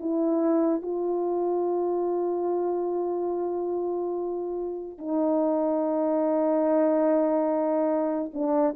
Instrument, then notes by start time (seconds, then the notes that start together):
horn
0.00 E4
0.82 F4
4.98 D#4
8.33 D4